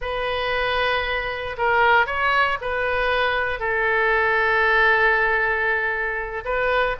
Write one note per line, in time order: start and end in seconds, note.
0.01 1.56 B4
1.57 2.06 A#4
2.06 2.58 C#5
2.61 3.59 B4
3.59 6.44 A4
6.44 6.96 B4